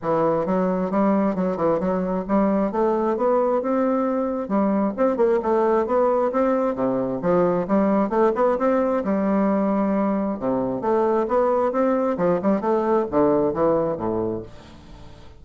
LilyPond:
\new Staff \with { instrumentName = "bassoon" } { \time 4/4 \tempo 4 = 133 e4 fis4 g4 fis8 e8 | fis4 g4 a4 b4 | c'2 g4 c'8 ais8 | a4 b4 c'4 c4 |
f4 g4 a8 b8 c'4 | g2. c4 | a4 b4 c'4 f8 g8 | a4 d4 e4 a,4 | }